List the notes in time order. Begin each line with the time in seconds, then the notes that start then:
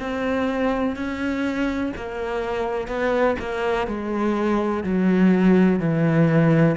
0.00 C4
0.96 C#4
1.97 A#3
2.88 B3
3.39 A#3
3.88 G#3
4.84 F#3
5.80 E3